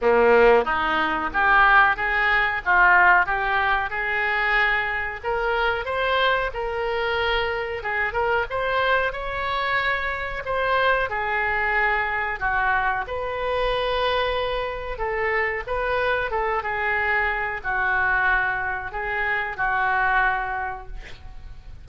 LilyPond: \new Staff \with { instrumentName = "oboe" } { \time 4/4 \tempo 4 = 92 ais4 dis'4 g'4 gis'4 | f'4 g'4 gis'2 | ais'4 c''4 ais'2 | gis'8 ais'8 c''4 cis''2 |
c''4 gis'2 fis'4 | b'2. a'4 | b'4 a'8 gis'4. fis'4~ | fis'4 gis'4 fis'2 | }